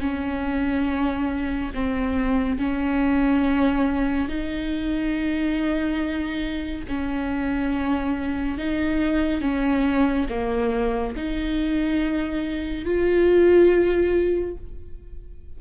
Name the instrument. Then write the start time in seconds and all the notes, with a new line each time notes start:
viola
0.00 C#4
1.75 C4
2.58 C#4
4.29 D#4
6.88 C#4
8.58 D#4
9.41 C#4
10.29 A#3
11.16 D#4
12.85 F4